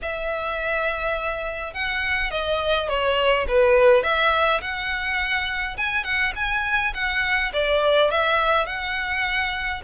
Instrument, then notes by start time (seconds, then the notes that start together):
violin
0.02 E5
1.73 F#5
2.31 D#5
2.88 C#5
3.47 B4
4.03 E5
4.61 F#5
5.77 G#5
6.03 F#5
6.35 G#5
6.94 F#5
7.53 D5
8.10 E5
8.66 F#5